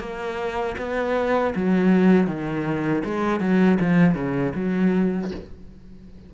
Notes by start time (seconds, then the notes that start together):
0.00 A#3
0.78 B3
1.56 F#3
2.28 D#3
3.05 G#3
3.40 F#3
3.80 F3
4.15 C#3
4.55 F#3